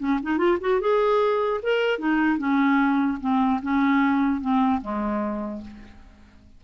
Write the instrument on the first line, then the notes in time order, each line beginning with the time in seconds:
clarinet
0.00 C#4
0.23 D#4
0.38 F4
0.61 F#4
0.81 G#4
1.63 A#4
1.99 D#4
2.39 C#4
3.21 C4
3.63 C#4
4.41 C4
4.82 G#3